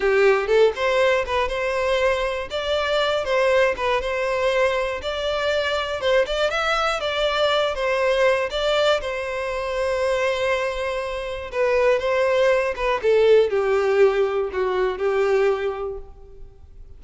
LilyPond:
\new Staff \with { instrumentName = "violin" } { \time 4/4 \tempo 4 = 120 g'4 a'8 c''4 b'8 c''4~ | c''4 d''4. c''4 b'8 | c''2 d''2 | c''8 d''8 e''4 d''4. c''8~ |
c''4 d''4 c''2~ | c''2. b'4 | c''4. b'8 a'4 g'4~ | g'4 fis'4 g'2 | }